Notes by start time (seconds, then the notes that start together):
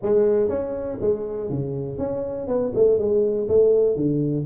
0.02 G#3
0.49 C#4
1.01 G#3
1.49 C#3
1.98 C#4
2.47 B3
2.75 A3
2.98 G#3
3.48 A3
3.95 D3